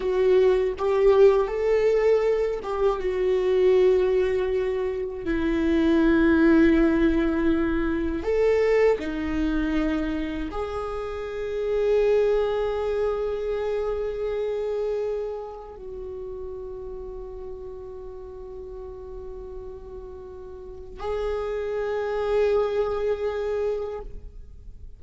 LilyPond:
\new Staff \with { instrumentName = "viola" } { \time 4/4 \tempo 4 = 80 fis'4 g'4 a'4. g'8 | fis'2. e'4~ | e'2. a'4 | dis'2 gis'2~ |
gis'1~ | gis'4 fis'2.~ | fis'1 | gis'1 | }